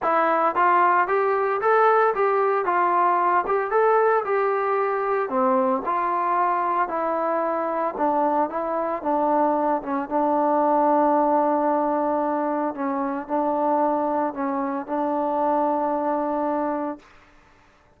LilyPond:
\new Staff \with { instrumentName = "trombone" } { \time 4/4 \tempo 4 = 113 e'4 f'4 g'4 a'4 | g'4 f'4. g'8 a'4 | g'2 c'4 f'4~ | f'4 e'2 d'4 |
e'4 d'4. cis'8 d'4~ | d'1 | cis'4 d'2 cis'4 | d'1 | }